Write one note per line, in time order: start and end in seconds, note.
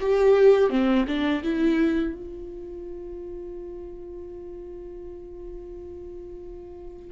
0.00 0.70 G4
0.70 1.06 C4
1.07 1.43 D4
1.43 2.14 E4
2.14 7.11 F4